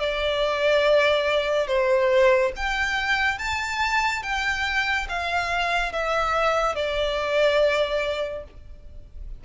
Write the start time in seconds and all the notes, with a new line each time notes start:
0.00 D5
1.68 C5
2.57 G5
3.39 A5
4.23 G5
5.09 F5
5.93 E5
6.76 D5